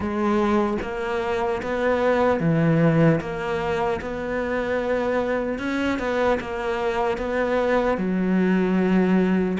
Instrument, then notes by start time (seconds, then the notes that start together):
cello
0.00 G#3
0.81 A#3
1.62 B3
2.40 E3
3.20 A#3
4.01 B3
5.59 C#4
5.98 B3
6.40 A#3
7.17 B3
7.97 F#3